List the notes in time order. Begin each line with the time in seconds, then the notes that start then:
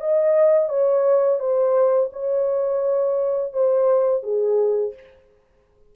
0.00 D#5
0.69 C#5
1.39 C5
2.12 C#5
3.53 C5
4.23 G#4